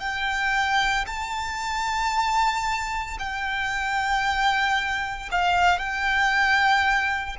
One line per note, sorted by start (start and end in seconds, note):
0.00 1.05 G5
1.07 3.18 A5
3.19 5.30 G5
5.32 5.78 F5
5.78 7.36 G5